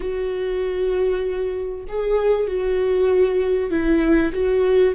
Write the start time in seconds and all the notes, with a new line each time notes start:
0.00 F#4
1.88 G#4
2.47 F#4
3.70 E4
4.32 F#4